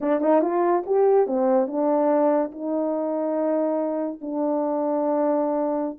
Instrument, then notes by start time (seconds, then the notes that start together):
horn
0.01 D4
0.21 D#4
0.41 F4
0.86 G4
1.26 C4
1.67 D4
2.51 D#4
4.21 D4